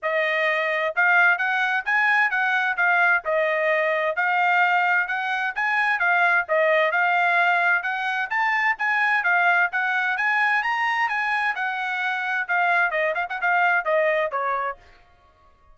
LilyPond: \new Staff \with { instrumentName = "trumpet" } { \time 4/4 \tempo 4 = 130 dis''2 f''4 fis''4 | gis''4 fis''4 f''4 dis''4~ | dis''4 f''2 fis''4 | gis''4 f''4 dis''4 f''4~ |
f''4 fis''4 a''4 gis''4 | f''4 fis''4 gis''4 ais''4 | gis''4 fis''2 f''4 | dis''8 f''16 fis''16 f''4 dis''4 cis''4 | }